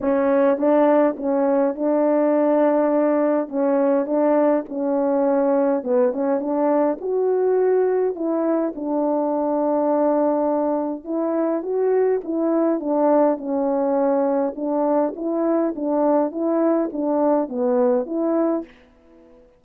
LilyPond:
\new Staff \with { instrumentName = "horn" } { \time 4/4 \tempo 4 = 103 cis'4 d'4 cis'4 d'4~ | d'2 cis'4 d'4 | cis'2 b8 cis'8 d'4 | fis'2 e'4 d'4~ |
d'2. e'4 | fis'4 e'4 d'4 cis'4~ | cis'4 d'4 e'4 d'4 | e'4 d'4 b4 e'4 | }